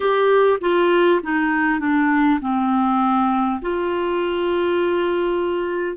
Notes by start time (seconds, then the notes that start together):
0.00 G4
0.61 F4
1.22 D#4
1.79 D4
2.41 C4
3.61 F4